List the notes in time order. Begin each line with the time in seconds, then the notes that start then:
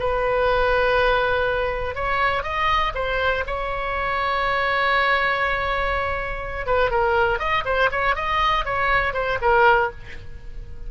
0.00 B4
1.96 C#5
2.44 D#5
2.95 C5
3.47 C#5
6.67 B4
6.91 A#4
7.39 D#5
7.65 C5
7.92 C#5
8.16 D#5
8.65 C#5
9.14 C5
9.42 A#4